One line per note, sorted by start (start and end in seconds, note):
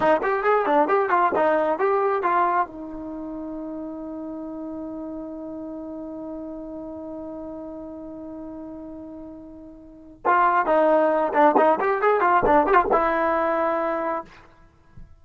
0.00 0.21 D#4
0.22 0.43 G4
0.43 0.65 G#4
0.65 0.87 D4
0.87 1.09 G4
1.09 1.32 F4
1.35 1.78 D#4
1.78 2.22 G4
2.22 2.67 F4
2.67 10.22 D#4
10.25 10.66 F4
10.66 11.32 D#4
11.33 11.55 D4
11.57 11.79 D#4
11.80 12.01 G4
12.01 12.20 G#4
12.20 12.43 F4
12.45 12.66 D4
12.66 12.73 G4
12.73 12.84 F4
12.91 14.24 E4